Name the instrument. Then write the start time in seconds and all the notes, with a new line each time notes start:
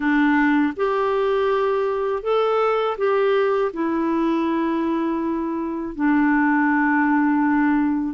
clarinet
0.00 D4
0.76 G4
2.23 A4
2.97 G4
3.73 E4
5.95 D4